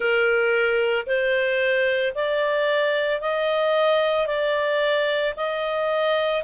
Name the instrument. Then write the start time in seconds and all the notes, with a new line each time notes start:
clarinet
0.00 A#4
1.06 C5
2.14 D5
3.20 D#5
4.26 D5
5.36 D#5